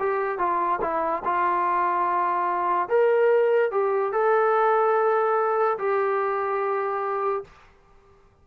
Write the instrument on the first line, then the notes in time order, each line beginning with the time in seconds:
trombone
0.00 G4
0.39 F4
0.82 E4
1.25 F4
2.89 A#4
3.72 G4
4.13 A4
5.79 G4